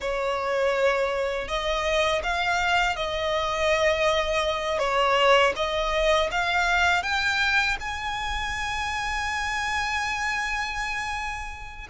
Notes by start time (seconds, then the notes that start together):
0.00 C#5
1.48 D#5
2.23 F5
2.96 D#5
4.78 C#5
5.56 D#5
6.31 F5
7.02 G5
7.79 G#5